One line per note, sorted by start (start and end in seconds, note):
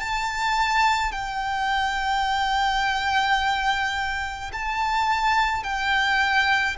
0.00 1.12 A5
1.12 4.52 G5
4.53 5.63 A5
5.63 6.77 G5